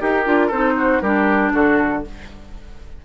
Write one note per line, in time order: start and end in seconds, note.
0.00 0.26 D#4
0.00 0.25 G4
0.00 0.48 G4
0.00 0.52 A#4
0.26 0.52 D4
0.26 0.51 F4
0.48 1.02 C4
0.48 1.03 D#4
0.48 0.73 A4
0.48 1.01 C5
0.78 1.02 F#4
1.01 1.52 G3
1.01 2.05 D4
1.01 1.53 G4
1.01 1.51 A#4
1.53 2.04 D3
1.53 2.04 F#4
1.53 2.04 A4